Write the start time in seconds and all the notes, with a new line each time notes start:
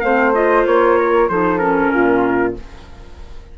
0.00 A3 C4 C5 F5
0.34 F4 D#5
0.66 A#3 C#5
0.98 A#4
1.29 F3 D#4 A4 C5
1.58 C#4 A#4
1.91 A#2 F4